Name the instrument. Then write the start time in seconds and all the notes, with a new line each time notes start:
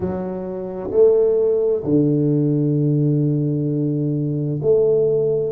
tuba
0.00 F#3
0.91 A3
1.83 D3
4.62 A3